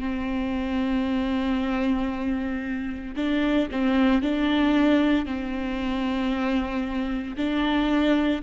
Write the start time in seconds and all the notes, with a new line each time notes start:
0.00 C4
3.17 D4
3.72 C4
4.22 D4
5.26 C4
7.37 D4